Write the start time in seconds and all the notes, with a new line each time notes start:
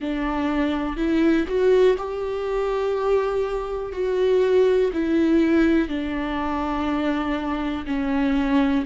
0.00 D4
0.97 E4
1.47 F#4
1.97 G4
3.92 F#4
4.93 E4
5.88 D4
7.86 C#4